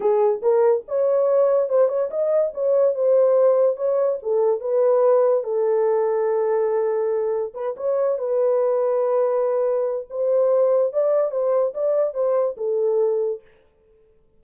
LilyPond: \new Staff \with { instrumentName = "horn" } { \time 4/4 \tempo 4 = 143 gis'4 ais'4 cis''2 | c''8 cis''8 dis''4 cis''4 c''4~ | c''4 cis''4 a'4 b'4~ | b'4 a'2.~ |
a'2 b'8 cis''4 b'8~ | b'1 | c''2 d''4 c''4 | d''4 c''4 a'2 | }